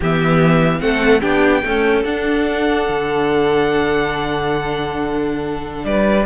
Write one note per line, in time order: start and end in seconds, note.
0.00 0.81 E3
0.00 0.79 B3
0.00 0.79 G4
0.00 0.80 E5
0.79 1.22 A3
0.79 1.20 C4
0.79 1.21 A4
0.79 1.20 F#5
1.20 1.64 B3
1.20 1.62 D4
1.20 1.62 G4
1.20 2.02 G5
1.63 2.04 A3
1.63 2.05 C#4
1.63 5.86 A4
2.04 2.87 D4
2.04 6.25 D4
2.04 5.84 F#5
2.88 5.85 D3
5.85 6.25 G3
5.85 6.25 B4
5.85 6.25 D5